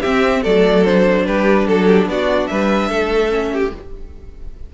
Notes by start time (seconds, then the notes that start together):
0.00 C4 G4 E5
0.42 F#3 A3 A4 D5
0.85 D4 C5
1.26 G3 G4 B4
1.67 F#3 A4
1.87 G4
2.06 B3 F#4 D5
2.47 G3 B4 E5
2.89 A3 A4
3.29 C#4
3.53 G4